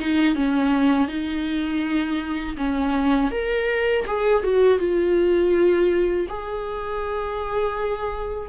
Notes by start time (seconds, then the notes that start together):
0.00 D#4
0.35 C#4
1.08 D#4
2.57 C#4
3.31 A#4
4.07 G#4
4.43 F#4
4.79 F4
6.29 G#4